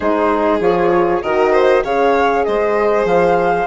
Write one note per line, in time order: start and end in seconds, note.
0.00 0.59 G#3
0.00 0.61 D#4
0.00 1.22 G#4
0.00 0.59 C5
0.59 1.21 F3
0.59 1.22 F4
0.59 1.21 C#5
1.21 1.84 D#3
1.21 1.84 F#4
1.21 1.52 A#4
1.21 1.83 D#5
1.52 1.83 C5
1.84 2.45 C#3
1.84 3.67 G#4
1.84 2.45 C#5
1.84 2.43 F5
2.43 3.04 G#3
2.43 3.67 C5
2.43 3.05 D#5
3.04 3.66 F3
3.04 3.67 F5